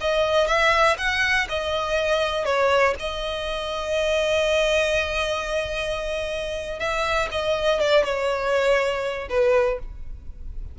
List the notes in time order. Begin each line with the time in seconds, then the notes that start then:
0.00 D#5
0.46 E5
0.97 F#5
1.49 D#5
2.45 C#5
2.99 D#5
6.79 E5
7.31 D#5
7.80 D5
8.04 C#5
9.29 B4